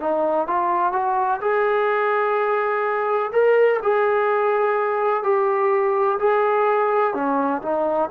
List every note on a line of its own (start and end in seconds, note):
0.00 0.47 D#4
0.47 0.92 F4
0.92 1.40 F#4
1.41 3.31 G#4
3.32 3.80 A#4
3.83 5.23 G#4
5.23 6.18 G4
6.19 7.14 G#4
7.14 7.61 C#4
7.62 8.10 D#4